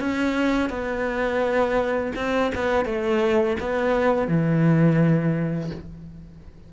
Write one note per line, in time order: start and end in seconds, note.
0.00 0.70 C#4
0.70 2.13 B3
2.16 2.52 C4
2.55 2.85 B3
2.85 3.57 A3
3.60 4.28 B3
4.28 5.71 E3